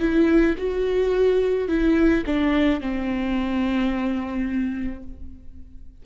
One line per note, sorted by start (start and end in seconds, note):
0.00 0.56 E4
0.58 1.68 F#4
1.68 2.24 E4
2.26 2.81 D4
2.81 5.03 C4